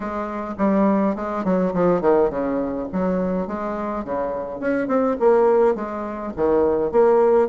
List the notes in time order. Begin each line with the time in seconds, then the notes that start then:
0.00 G#3
0.57 G3
1.15 G#3
1.44 F#3
1.73 F3
2.01 D#3
2.29 C#3
2.92 F#3
3.47 G#3
4.04 C#3
4.60 C#4
4.87 C4
5.19 A#3
5.75 G#3
6.36 D#3
6.91 A#3